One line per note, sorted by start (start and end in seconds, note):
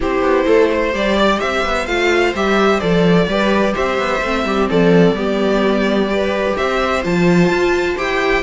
0.00 0.21 C4
0.00 0.92 E4
0.00 0.46 G4
0.00 0.94 C5
0.21 0.44 B3
0.46 0.94 A3
0.46 0.70 A4
0.72 1.17 C5
0.92 1.41 G3
0.92 1.86 G4
0.92 1.39 D5
1.17 1.38 D5
1.38 1.65 C4
1.38 3.26 C5
1.38 1.86 E5
1.65 1.86 B3
1.86 2.33 A3
1.86 2.34 F4
1.86 2.33 F5
2.33 2.80 G3
2.33 2.81 G4
2.33 2.80 E5
2.80 3.27 F3
2.80 3.28 A4
2.80 3.73 D5
3.27 3.74 G3
3.27 4.22 G4
3.27 3.74 B4
3.74 3.98 C4
3.74 4.45 C5
3.74 4.68 E5
3.98 4.21 B3
4.21 4.44 A3
4.21 5.15 C4
4.44 4.68 G3
4.44 4.69 G4
4.69 5.12 F3
4.69 5.16 A4
4.69 6.56 D5
5.12 6.52 G3
5.12 6.08 B3
5.12 6.09 G4
6.08 7.02 G4
6.08 6.58 B4
6.56 7.04 C4
6.56 8.43 C5
6.56 7.03 E5
7.03 7.49 F3
7.03 7.96 F4
7.03 7.98 A5
7.49 7.96 F4
7.96 8.43 E4
7.96 8.43 G4
7.96 8.43 G5